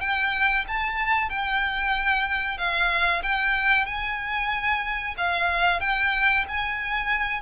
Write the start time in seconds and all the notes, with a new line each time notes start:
0.00 G5
0.67 A5
1.29 G5
2.57 F5
3.22 G5
3.86 G#5
5.17 F5
5.80 G5
6.48 G#5